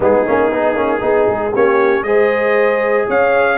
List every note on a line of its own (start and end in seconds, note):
0.00 0.23 G#3
0.00 0.26 B3
0.00 1.01 D#4
0.00 1.55 G#4
0.26 0.51 A#3
0.26 0.51 C#4
0.51 0.75 B3
0.51 0.75 D#4
0.75 1.01 A#3
0.75 0.99 C#4
0.99 1.27 B3
0.99 1.51 D#4
0.99 1.52 G#4
1.28 1.53 G#3
1.52 2.02 A#3
1.52 2.06 C#4
1.52 2.03 G4
1.52 2.03 C#5
2.02 3.05 G#3
2.02 3.57 G#4
2.02 3.07 C5
2.02 3.05 D#5
3.07 3.57 C#4
3.07 3.57 C#5
3.07 3.57 F5